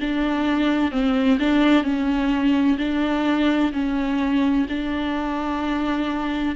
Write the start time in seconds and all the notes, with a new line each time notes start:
0.00 D4
0.91 C4
1.40 D4
1.84 C#4
2.78 D4
3.73 C#4
4.69 D4